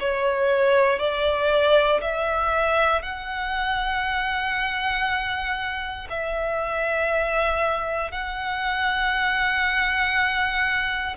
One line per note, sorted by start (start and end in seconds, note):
0.00 0.99 C#5
0.99 2.01 D5
2.01 3.02 E5
3.02 6.07 F#5
6.10 8.11 E5
8.11 11.16 F#5